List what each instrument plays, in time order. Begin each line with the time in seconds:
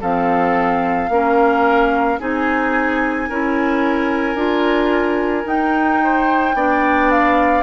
0.00 bassoon F3, clarinet C4, oboe A4, flute F5
1.08 bassoon A#3, clarinet C#4, oboe A#4
2.19 bassoon C4, clarinet D#4, oboe G#4, flute G#5
3.28 bassoon C#4, clarinet E4, oboe A#4
4.34 bassoon D4, clarinet F4
5.44 clarinet D#4, bassoon D#4, flute G5
6.03 oboe C5
6.54 bassoon B3, clarinet D4, oboe D5
7.10 flute F5